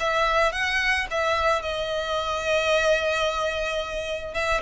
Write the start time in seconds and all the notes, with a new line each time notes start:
0.00 E5
0.53 F#5
1.11 E5
1.63 D#5
4.34 E5